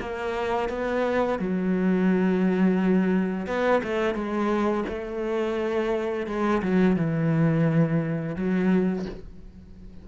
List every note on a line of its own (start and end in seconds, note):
0.00 0.69 A#3
0.69 1.39 B3
1.39 3.46 F#3
3.46 3.81 B3
3.83 4.14 A3
4.14 4.84 G#3
4.88 6.27 A3
6.27 6.62 G#3
6.62 6.96 F#3
6.96 8.35 E3
8.35 9.05 F#3